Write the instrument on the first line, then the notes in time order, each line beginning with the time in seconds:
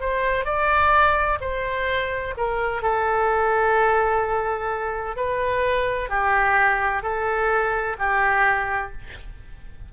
oboe
0.00 C5
0.45 D5
1.40 C5
2.37 A#4
2.82 A4
5.16 B4
6.09 G4
7.02 A4
7.98 G4